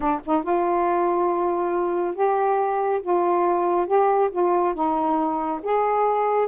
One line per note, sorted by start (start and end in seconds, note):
0.00 0.20 D4
0.25 0.43 D#4
0.43 2.15 F4
2.15 3.01 G4
3.02 3.86 F4
3.86 4.29 G4
4.31 4.74 F4
4.74 5.60 D#4
5.62 6.47 G#4